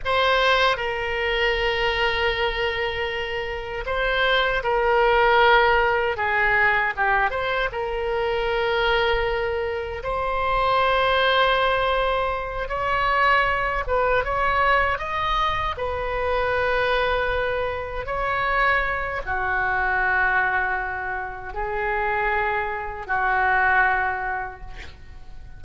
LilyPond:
\new Staff \with { instrumentName = "oboe" } { \time 4/4 \tempo 4 = 78 c''4 ais'2.~ | ais'4 c''4 ais'2 | gis'4 g'8 c''8 ais'2~ | ais'4 c''2.~ |
c''8 cis''4. b'8 cis''4 dis''8~ | dis''8 b'2. cis''8~ | cis''4 fis'2. | gis'2 fis'2 | }